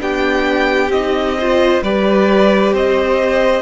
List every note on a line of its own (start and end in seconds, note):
0.00 0.90 B3
0.00 0.91 D4
0.00 1.38 G4
0.00 0.92 G5
0.90 1.81 C4
0.90 1.39 D#4
0.90 1.83 D#5
1.39 1.85 F4
1.39 1.84 C5
1.83 2.73 G3
1.83 3.62 G4
1.83 2.74 B4
1.83 2.75 D5
2.73 3.62 C4
2.73 3.62 C5
2.73 3.62 D#5